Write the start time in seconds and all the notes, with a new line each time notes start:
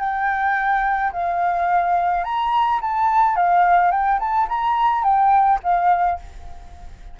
0.00 G5
1.13 F5
2.24 A#5
2.82 A5
3.36 F5
3.92 G5
4.20 A5
4.49 A#5
5.04 G5
5.64 F5